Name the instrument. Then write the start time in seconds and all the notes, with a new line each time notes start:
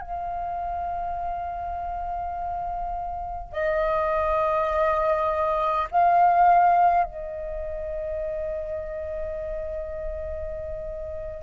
flute
0.00 F5
3.52 D#5
5.91 F5
7.04 D#5